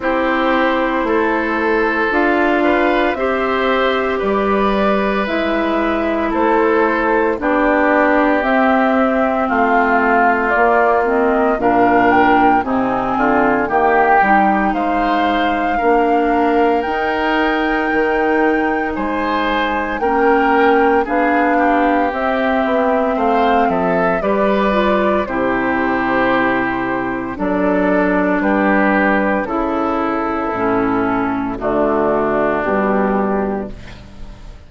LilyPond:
<<
  \new Staff \with { instrumentName = "flute" } { \time 4/4 \tempo 4 = 57 c''2 f''4 e''4 | d''4 e''4 c''4 d''4 | e''4 f''4 d''8 dis''8 f''8 g''8 | gis''4 g''4 f''2 |
g''2 gis''4 g''4 | f''4 e''4 f''8 e''8 d''4 | c''2 d''4 b'4 | a'2 fis'4 g'4 | }
  \new Staff \with { instrumentName = "oboe" } { \time 4/4 g'4 a'4. b'8 c''4 | b'2 a'4 g'4~ | g'4 f'2 ais'4 | dis'8 f'8 g'4 c''4 ais'4~ |
ais'2 c''4 ais'4 | gis'8 g'4. c''8 a'8 b'4 | g'2 a'4 g'4 | e'2 d'2 | }
  \new Staff \with { instrumentName = "clarinet" } { \time 4/4 e'2 f'4 g'4~ | g'4 e'2 d'4 | c'2 ais8 c'8 d'4 | c'4 ais8 dis'4. d'4 |
dis'2. cis'4 | d'4 c'2 g'8 f'8 | e'2 d'2 | e'4 cis'4 a4 g4 | }
  \new Staff \with { instrumentName = "bassoon" } { \time 4/4 c'4 a4 d'4 c'4 | g4 gis4 a4 b4 | c'4 a4 ais4 ais,4 | c8 d8 dis8 g8 gis4 ais4 |
dis'4 dis4 gis4 ais4 | b4 c'8 b8 a8 f8 g4 | c2 fis4 g4 | cis4 a,4 d4 b,4 | }
>>